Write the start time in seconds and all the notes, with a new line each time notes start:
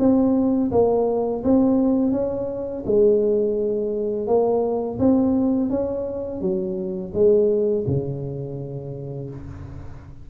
0.00 C4
0.72 A#3
1.44 C4
2.12 C#4
2.86 G#3
4.27 A#3
4.99 C4
5.70 C#4
6.42 F#3
7.14 G#3
7.87 C#3